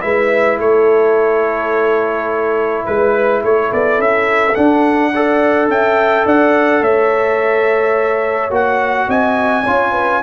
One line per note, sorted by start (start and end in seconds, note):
0.00 0.58 G#3
0.00 4.53 E4
0.00 0.59 B4
0.00 0.57 E5
0.58 2.84 A3
0.58 2.85 A4
0.58 2.85 C#5
2.85 3.43 G#3
2.85 3.41 B4
2.85 3.42 B4
3.43 3.71 A3
3.43 5.12 A4
3.43 3.72 C#5
3.72 3.98 B3
3.72 4.01 D5
3.98 4.55 C#4
3.98 4.54 E5
4.54 5.12 D4
4.54 5.68 D4
4.54 5.68 F#5
5.12 8.50 A4
5.12 5.69 D5
5.68 6.24 C#4
5.68 6.26 E5
5.68 6.26 G5
6.25 6.81 D4
6.25 6.82 D5
6.25 6.83 F#5
6.81 8.50 A3
6.81 9.08 C#5
6.81 8.52 E5
8.50 9.07 A#3
8.50 9.63 F#4
8.50 9.10 F#5
9.08 9.64 C4
9.08 9.63 D#5
9.08 10.22 G#5
9.63 10.22 C#4
9.63 10.22 F4
9.63 9.92 C#5
9.92 10.20 B4